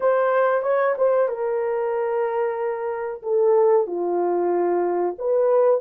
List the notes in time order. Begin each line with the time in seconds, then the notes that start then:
0.00 C5
0.62 C#5
0.97 C5
1.28 A#4
3.22 A4
3.86 F4
5.18 B4